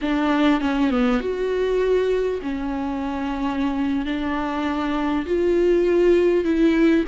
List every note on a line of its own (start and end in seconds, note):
0.01 0.60 D4
0.60 0.90 C#4
0.90 1.20 B3
1.20 2.40 F#4
2.42 4.05 C#4
4.05 5.25 D4
5.26 6.44 F4
6.44 7.04 E4